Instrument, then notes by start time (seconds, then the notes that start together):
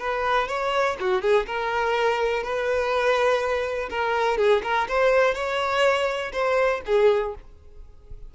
violin
0.00 B4
0.48 C#5
1.00 F#4
1.22 G#4
1.47 A#4
2.43 B4
3.90 A#4
4.38 G#4
4.63 A#4
4.89 C5
5.35 C#5
6.33 C5
6.86 G#4